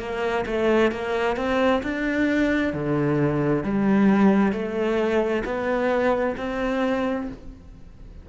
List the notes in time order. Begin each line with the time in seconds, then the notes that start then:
0.00 A#3
0.46 A3
0.92 A#3
1.37 C4
1.83 D4
2.73 D3
3.64 G3
4.52 A3
5.45 B3
6.37 C4